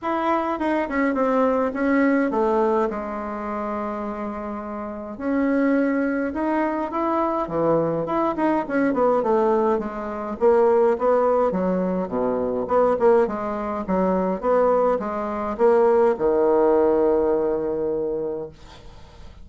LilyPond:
\new Staff \with { instrumentName = "bassoon" } { \time 4/4 \tempo 4 = 104 e'4 dis'8 cis'8 c'4 cis'4 | a4 gis2.~ | gis4 cis'2 dis'4 | e'4 e4 e'8 dis'8 cis'8 b8 |
a4 gis4 ais4 b4 | fis4 b,4 b8 ais8 gis4 | fis4 b4 gis4 ais4 | dis1 | }